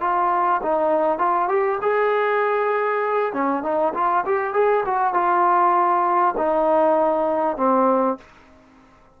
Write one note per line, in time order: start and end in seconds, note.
0.00 0.61 F4
0.62 1.18 D#4
1.18 1.48 F4
1.48 1.78 G4
1.81 3.33 G#4
3.33 3.62 C#4
3.62 3.93 D#4
3.94 4.24 F4
4.25 4.53 G4
4.53 4.83 G#4
4.85 5.13 F#4
5.13 6.34 F4
6.37 7.56 D#4
7.56 8.17 C4